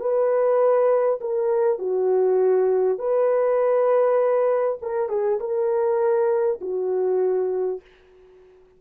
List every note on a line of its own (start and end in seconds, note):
0.00 1.20 B4
1.21 1.79 A#4
1.79 2.98 F#4
2.98 4.78 B4
4.82 5.09 A#4
5.09 5.39 G#4
5.40 6.60 A#4
6.61 7.81 F#4